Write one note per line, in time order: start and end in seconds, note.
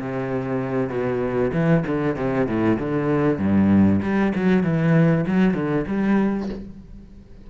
0.00 0.89 C3
0.89 1.51 B2
1.53 1.84 E3
1.87 2.16 D3
2.16 2.47 C3
2.47 2.78 A2
2.79 3.38 D3
3.38 4.00 G2
4.02 4.33 G3
4.35 4.63 F#3
4.63 5.25 E3
5.27 5.54 F#3
5.54 5.85 D3
5.87 6.49 G3